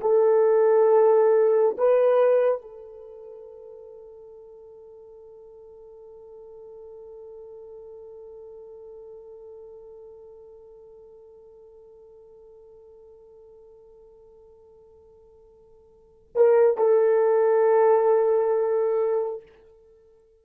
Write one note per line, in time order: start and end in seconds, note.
0.00 1.76 A4
1.77 2.61 B4
2.61 16.29 A4
16.35 16.77 A#4
16.77 19.42 A4